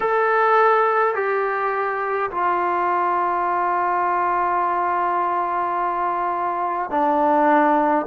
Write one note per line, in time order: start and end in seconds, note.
0.00 1.14 A4
1.14 2.30 G4
2.31 6.90 F4
6.90 8.06 D4